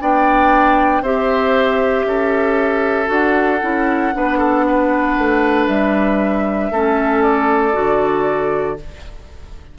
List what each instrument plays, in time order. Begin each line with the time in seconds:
0.00 bassoon B3, clarinet D4, oboe D5, flute G5
1.01 bassoon C4, clarinet G4, oboe C5, flute E5
2.04 bassoon C#4, oboe A4
3.06 bassoon D4, clarinet F#4, flute F#5
3.61 bassoon C#4, clarinet E4
4.13 bassoon B3, clarinet D4, oboe B4
4.38 oboe A4
4.67 oboe B4
5.18 bassoon A3
5.67 bassoon G3, flute E5
6.70 bassoon A3, clarinet C#4, oboe A4
7.22 flute D5
7.72 bassoon D3, clarinet F#4